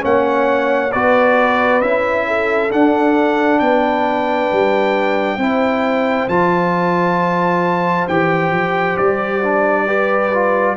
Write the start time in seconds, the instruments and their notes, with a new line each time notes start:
0.00 tuba A#3, trombone C#4, horn C#5, trumpet F#5
0.92 tuba B3, trombone F#4, horn B4, trumpet D5
1.82 tuba C#4, trombone E4, trumpet E5
2.28 horn A4
2.70 trombone D4, tuba D4, trumpet F#5
3.60 tuba B3, horn B4, trumpet G5
4.52 tuba G3
5.38 tuba C4, trombone E4, horn C5
6.29 tuba F3, trombone F4, trumpet A5
8.08 tuba E3, trombone G4, trumpet G5
8.51 tuba F3
8.97 tuba G3, trumpet D5
9.44 trombone D4
9.87 trombone G4, horn B4
10.34 trombone F4